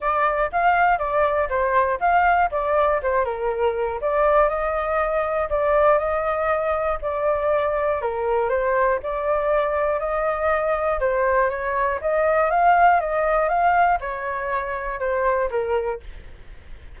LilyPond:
\new Staff \with { instrumentName = "flute" } { \time 4/4 \tempo 4 = 120 d''4 f''4 d''4 c''4 | f''4 d''4 c''8 ais'4. | d''4 dis''2 d''4 | dis''2 d''2 |
ais'4 c''4 d''2 | dis''2 c''4 cis''4 | dis''4 f''4 dis''4 f''4 | cis''2 c''4 ais'4 | }